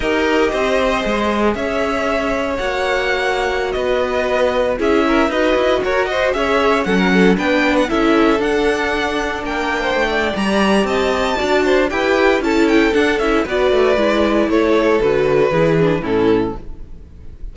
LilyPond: <<
  \new Staff \with { instrumentName = "violin" } { \time 4/4 \tempo 4 = 116 dis''2. e''4~ | e''4 fis''2~ fis''16 dis''8.~ | dis''4~ dis''16 e''4 dis''4 cis''8 dis''16~ | dis''16 e''4 fis''4 g''8. fis''16 e''8.~ |
e''16 fis''2 g''4.~ g''16 | ais''4 a''2 g''4 | a''8 g''8 fis''8 e''8 d''2 | cis''4 b'2 a'4 | }
  \new Staff \with { instrumentName = "violin" } { \time 4/4 ais'4 c''2 cis''4~ | cis''2.~ cis''16 b'8.~ | b'4~ b'16 gis'8 ais'8 b'4 ais'8 c''16~ | c''16 cis''4 a'16 ais'16 a'8 b'4 a'8.~ |
a'2~ a'16 ais'8. c''8 d''8~ | d''4 dis''4 d''8 c''8 b'4 | a'2 b'2 | a'2 gis'4 e'4 | }
  \new Staff \with { instrumentName = "viola" } { \time 4/4 g'2 gis'2~ | gis'4 fis'2.~ | fis'4~ fis'16 e'4 fis'4.~ fis'16~ | fis'16 gis'4 cis'4 d'4 e'8.~ |
e'16 d'2.~ d'8. | g'2 fis'4 g'4 | e'4 d'8 e'8 fis'4 e'4~ | e'4 fis'4 e'8 d'8 cis'4 | }
  \new Staff \with { instrumentName = "cello" } { \time 4/4 dis'4 c'4 gis4 cis'4~ | cis'4 ais2~ ais16 b8.~ | b4~ b16 cis'4 dis'8 e'8 fis'8.~ | fis'16 cis'4 fis4 b4 cis'8.~ |
cis'16 d'2 ais4 a8. | g4 c'4 d'4 e'4 | cis'4 d'8 cis'8 b8 a8 gis4 | a4 d4 e4 a,4 | }
>>